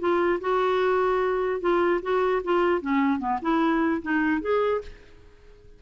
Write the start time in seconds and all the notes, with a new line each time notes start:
0.00 F4
0.41 F#4
1.61 F4
2.03 F#4
2.44 F4
2.82 C#4
3.19 B3
3.42 E4
4.03 D#4
4.42 G#4